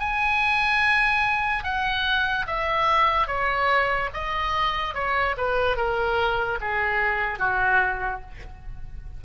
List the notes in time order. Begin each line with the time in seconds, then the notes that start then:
0.00 G#5
1.64 F#5
2.47 E5
3.27 C#5
4.14 D#5
4.95 C#5
5.37 B4
5.77 A#4
6.61 G#4
7.39 F#4